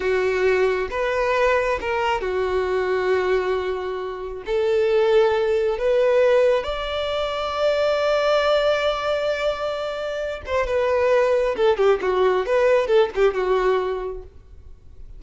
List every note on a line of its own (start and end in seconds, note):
0.00 0.88 F#4
0.90 1.79 B4
1.81 2.21 A#4
2.21 4.43 F#4
4.45 5.78 A4
5.78 6.63 B4
6.63 10.41 D5
10.45 10.66 C5
10.66 11.55 B4
11.56 11.77 A4
11.77 11.99 G4
12.01 12.45 F#4
12.45 12.87 B4
12.87 13.09 A4
13.15 13.34 G4
13.34 14.23 F#4